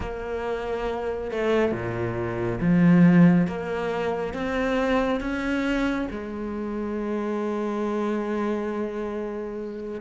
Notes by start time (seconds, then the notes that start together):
0.00 A#3
1.31 A3
1.72 A#2
2.60 F3
3.47 A#3
4.33 C4
5.20 C#4
6.11 G#3